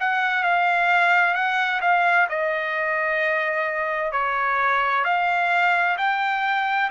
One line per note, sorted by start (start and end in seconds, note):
0.00 0.43 F#5
0.43 1.34 F5
1.34 1.80 F#5
1.81 2.27 F5
2.29 4.12 D#5
4.12 5.04 C#5
5.04 5.97 F5
5.97 6.90 G5